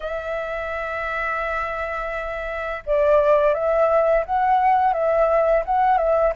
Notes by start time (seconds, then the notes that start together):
0.00 E5
2.86 D5
3.54 E5
4.25 F#5
4.93 E5
5.65 F#5
5.97 E5